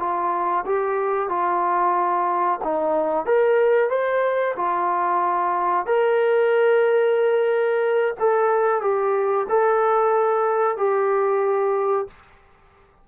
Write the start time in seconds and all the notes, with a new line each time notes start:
0.00 F4
0.66 G4
1.30 F4
2.64 D#4
3.26 A#4
3.90 C5
4.57 F4
5.87 A#4
8.20 A4
8.82 G4
9.50 A4
10.78 G4